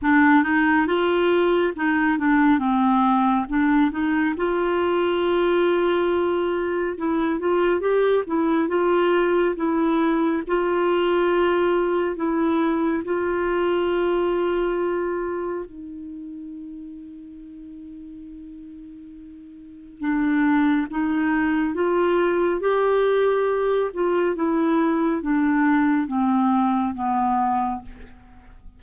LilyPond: \new Staff \with { instrumentName = "clarinet" } { \time 4/4 \tempo 4 = 69 d'8 dis'8 f'4 dis'8 d'8 c'4 | d'8 dis'8 f'2. | e'8 f'8 g'8 e'8 f'4 e'4 | f'2 e'4 f'4~ |
f'2 dis'2~ | dis'2. d'4 | dis'4 f'4 g'4. f'8 | e'4 d'4 c'4 b4 | }